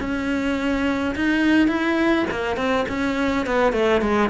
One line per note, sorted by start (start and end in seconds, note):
0.00 1.15 C#4
1.16 1.68 D#4
1.68 2.26 E4
2.31 2.57 A#3
2.57 2.86 C4
2.89 3.46 C#4
3.46 3.73 B3
3.73 4.02 A3
4.02 4.30 G#3